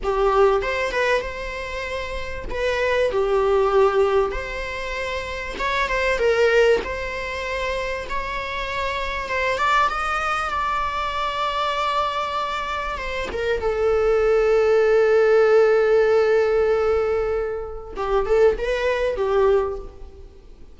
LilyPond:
\new Staff \with { instrumentName = "viola" } { \time 4/4 \tempo 4 = 97 g'4 c''8 b'8 c''2 | b'4 g'2 c''4~ | c''4 cis''8 c''8 ais'4 c''4~ | c''4 cis''2 c''8 d''8 |
dis''4 d''2.~ | d''4 c''8 ais'8 a'2~ | a'1~ | a'4 g'8 a'8 b'4 g'4 | }